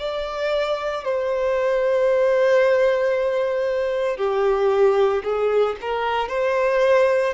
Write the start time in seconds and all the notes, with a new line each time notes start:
0.00 D5
1.05 C5
4.18 G4
5.24 G#4
5.82 A#4
6.29 C5